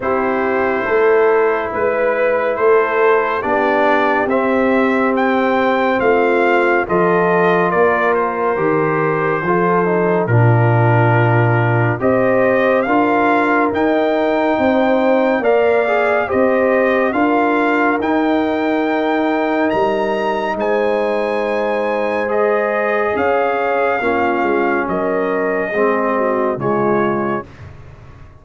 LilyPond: <<
  \new Staff \with { instrumentName = "trumpet" } { \time 4/4 \tempo 4 = 70 c''2 b'4 c''4 | d''4 e''4 g''4 f''4 | dis''4 d''8 c''2~ c''8 | ais'2 dis''4 f''4 |
g''2 f''4 dis''4 | f''4 g''2 ais''4 | gis''2 dis''4 f''4~ | f''4 dis''2 cis''4 | }
  \new Staff \with { instrumentName = "horn" } { \time 4/4 g'4 a'4 b'4 a'4 | g'2. f'4 | a'4 ais'2 a'4 | f'2 c''4 ais'4~ |
ais'4 c''4 d''4 c''4 | ais'1 | c''2. cis''4 | f'4 ais'4 gis'8 fis'8 f'4 | }
  \new Staff \with { instrumentName = "trombone" } { \time 4/4 e'1 | d'4 c'2. | f'2 g'4 f'8 dis'8 | d'2 g'4 f'4 |
dis'2 ais'8 gis'8 g'4 | f'4 dis'2.~ | dis'2 gis'2 | cis'2 c'4 gis4 | }
  \new Staff \with { instrumentName = "tuba" } { \time 4/4 c'4 a4 gis4 a4 | b4 c'2 a4 | f4 ais4 dis4 f4 | ais,2 c'4 d'4 |
dis'4 c'4 ais4 c'4 | d'4 dis'2 g4 | gis2. cis'4 | ais8 gis8 fis4 gis4 cis4 | }
>>